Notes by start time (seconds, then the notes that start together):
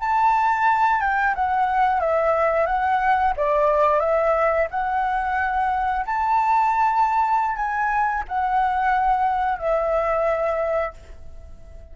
0.00 A5
1.00 G5
1.35 F#5
2.00 E5
2.66 F#5
3.36 D5
4.00 E5
4.70 F#5
6.06 A5
7.55 G#5
8.28 F#5
9.58 E5